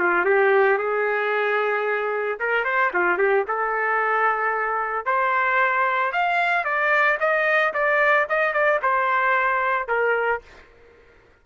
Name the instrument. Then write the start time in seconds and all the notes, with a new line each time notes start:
trumpet
0.00 F4
0.26 G4
0.78 G#4
2.40 A#4
2.65 C5
2.94 F4
3.19 G4
3.48 A4
5.06 C5
6.13 F5
6.65 D5
7.20 D#5
7.74 D5
8.30 D#5
8.54 D5
8.83 C5
9.88 A#4